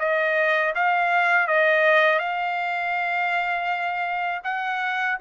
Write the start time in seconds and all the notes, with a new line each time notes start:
0.00 D#5
0.75 F5
1.48 D#5
2.20 F5
4.44 F#5